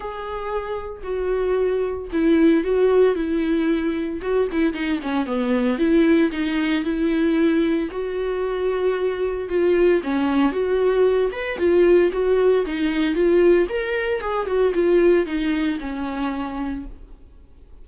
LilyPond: \new Staff \with { instrumentName = "viola" } { \time 4/4 \tempo 4 = 114 gis'2 fis'2 | e'4 fis'4 e'2 | fis'8 e'8 dis'8 cis'8 b4 e'4 | dis'4 e'2 fis'4~ |
fis'2 f'4 cis'4 | fis'4. b'8 f'4 fis'4 | dis'4 f'4 ais'4 gis'8 fis'8 | f'4 dis'4 cis'2 | }